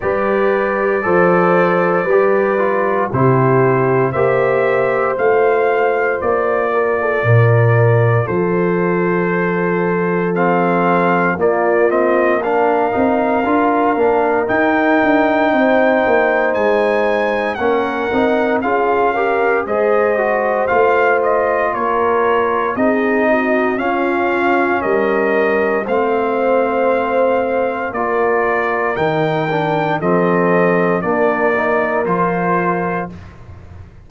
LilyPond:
<<
  \new Staff \with { instrumentName = "trumpet" } { \time 4/4 \tempo 4 = 58 d''2. c''4 | e''4 f''4 d''2 | c''2 f''4 d''8 dis''8 | f''2 g''2 |
gis''4 fis''4 f''4 dis''4 | f''8 dis''8 cis''4 dis''4 f''4 | dis''4 f''2 d''4 | g''4 dis''4 d''4 c''4 | }
  \new Staff \with { instrumentName = "horn" } { \time 4/4 b'4 c''4 b'4 g'4 | c''2~ c''8 ais'16 a'16 ais'4 | a'2. f'4 | ais'2. c''4~ |
c''4 ais'4 gis'8 ais'8 c''4~ | c''4 ais'4 gis'8 fis'8 f'4 | ais'4 c''2 ais'4~ | ais'4 a'4 ais'2 | }
  \new Staff \with { instrumentName = "trombone" } { \time 4/4 g'4 a'4 g'8 f'8 e'4 | g'4 f'2.~ | f'2 c'4 ais8 c'8 | d'8 dis'8 f'8 d'8 dis'2~ |
dis'4 cis'8 dis'8 f'8 g'8 gis'8 fis'8 | f'2 dis'4 cis'4~ | cis'4 c'2 f'4 | dis'8 d'8 c'4 d'8 dis'8 f'4 | }
  \new Staff \with { instrumentName = "tuba" } { \time 4/4 g4 f4 g4 c4 | ais4 a4 ais4 ais,4 | f2. ais4~ | ais8 c'8 d'8 ais8 dis'8 d'8 c'8 ais8 |
gis4 ais8 c'8 cis'4 gis4 | a4 ais4 c'4 cis'4 | g4 a2 ais4 | dis4 f4 ais4 f4 | }
>>